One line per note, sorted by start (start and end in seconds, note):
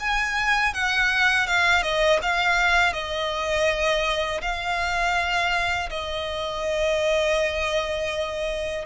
0.00 0.74 G#5
0.74 1.47 F#5
1.47 1.82 F5
1.82 2.20 D#5
2.23 2.93 F5
2.93 4.41 D#5
4.41 5.90 F5
5.90 8.86 D#5